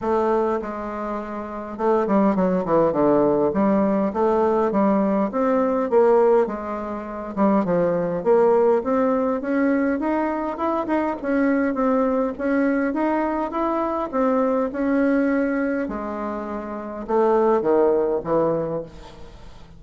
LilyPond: \new Staff \with { instrumentName = "bassoon" } { \time 4/4 \tempo 4 = 102 a4 gis2 a8 g8 | fis8 e8 d4 g4 a4 | g4 c'4 ais4 gis4~ | gis8 g8 f4 ais4 c'4 |
cis'4 dis'4 e'8 dis'8 cis'4 | c'4 cis'4 dis'4 e'4 | c'4 cis'2 gis4~ | gis4 a4 dis4 e4 | }